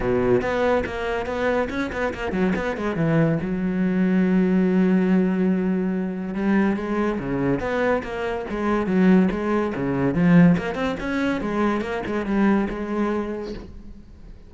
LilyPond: \new Staff \with { instrumentName = "cello" } { \time 4/4 \tempo 4 = 142 b,4 b4 ais4 b4 | cis'8 b8 ais8 fis8 b8 gis8 e4 | fis1~ | fis2. g4 |
gis4 cis4 b4 ais4 | gis4 fis4 gis4 cis4 | f4 ais8 c'8 cis'4 gis4 | ais8 gis8 g4 gis2 | }